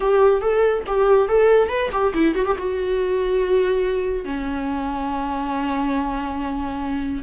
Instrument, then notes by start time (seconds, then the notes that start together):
viola
0.00 G4
0.41 A4
0.86 G4
1.28 A4
1.68 B4
1.91 G4
2.14 E4
2.34 F#4
2.45 G4
2.58 F#4
4.24 C#4